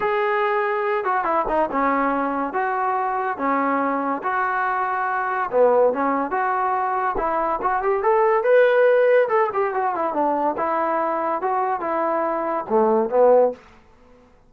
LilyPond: \new Staff \with { instrumentName = "trombone" } { \time 4/4 \tempo 4 = 142 gis'2~ gis'8 fis'8 e'8 dis'8 | cis'2 fis'2 | cis'2 fis'2~ | fis'4 b4 cis'4 fis'4~ |
fis'4 e'4 fis'8 g'8 a'4 | b'2 a'8 g'8 fis'8 e'8 | d'4 e'2 fis'4 | e'2 a4 b4 | }